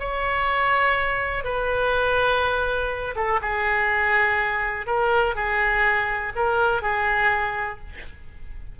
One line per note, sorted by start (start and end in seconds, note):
0.00 1.44 C#5
1.44 3.15 B4
3.16 3.40 A4
3.42 4.87 G#4
4.87 5.35 A#4
5.35 6.33 G#4
6.36 6.82 A#4
6.82 7.80 G#4